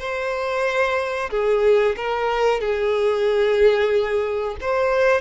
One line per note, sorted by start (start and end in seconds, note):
0.00 1.30 C5
1.31 1.96 G#4
1.97 2.61 A#4
2.61 4.57 G#4
4.61 5.21 C5